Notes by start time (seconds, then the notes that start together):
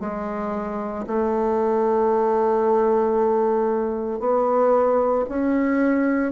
0.00 G#3
1.07 A3
4.20 B3
5.29 C#4